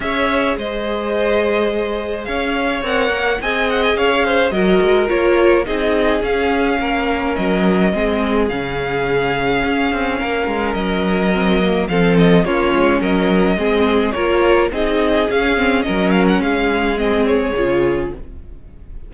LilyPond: <<
  \new Staff \with { instrumentName = "violin" } { \time 4/4 \tempo 4 = 106 e''4 dis''2. | f''4 fis''4 gis''8 fis''16 gis''16 f''4 | dis''4 cis''4 dis''4 f''4~ | f''4 dis''2 f''4~ |
f''2. dis''4~ | dis''4 f''8 dis''8 cis''4 dis''4~ | dis''4 cis''4 dis''4 f''4 | dis''8 f''16 fis''16 f''4 dis''8 cis''4. | }
  \new Staff \with { instrumentName = "violin" } { \time 4/4 cis''4 c''2. | cis''2 dis''4 cis''8 c''8 | ais'2 gis'2 | ais'2 gis'2~ |
gis'2 ais'2~ | ais'4 a'4 f'4 ais'4 | gis'4 ais'4 gis'2 | ais'4 gis'2. | }
  \new Staff \with { instrumentName = "viola" } { \time 4/4 gis'1~ | gis'4 ais'4 gis'2 | fis'4 f'4 dis'4 cis'4~ | cis'2 c'4 cis'4~ |
cis'1 | c'8 ais8 c'4 cis'2 | c'4 f'4 dis'4 cis'8 c'8 | cis'2 c'4 f'4 | }
  \new Staff \with { instrumentName = "cello" } { \time 4/4 cis'4 gis2. | cis'4 c'8 ais8 c'4 cis'4 | fis8 gis8 ais4 c'4 cis'4 | ais4 fis4 gis4 cis4~ |
cis4 cis'8 c'8 ais8 gis8 fis4~ | fis4 f4 ais8 gis8 fis4 | gis4 ais4 c'4 cis'4 | fis4 gis2 cis4 | }
>>